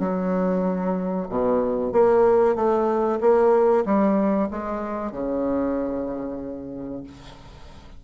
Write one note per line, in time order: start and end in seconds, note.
0.00 1.28 F#3
1.29 1.92 B2
1.92 2.56 A#3
2.56 3.19 A3
3.21 3.84 A#3
3.85 4.49 G3
4.51 5.12 G#3
5.12 7.04 C#3